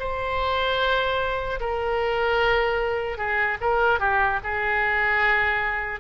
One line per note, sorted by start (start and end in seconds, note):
0.00 1.60 C5
1.60 3.18 A#4
3.18 3.58 G#4
3.61 4.00 A#4
4.00 4.40 G4
4.44 6.00 G#4